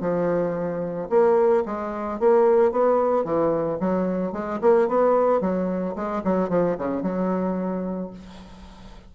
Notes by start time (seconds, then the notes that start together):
0.00 F3
1.09 A#3
1.65 G#3
2.19 A#3
2.71 B3
3.24 E3
3.80 F#3
4.32 G#3
4.61 A#3
4.87 B3
5.41 F#3
5.95 G#3
6.24 F#3
6.49 F3
6.78 C#3
7.02 F#3